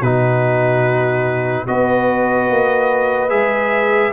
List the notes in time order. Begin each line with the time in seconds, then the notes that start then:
0.00 B2 D#4 F#4 B4
1.67 B3 F#4 B4 D#5
2.51 A#3
3.30 G#3 G#4 E5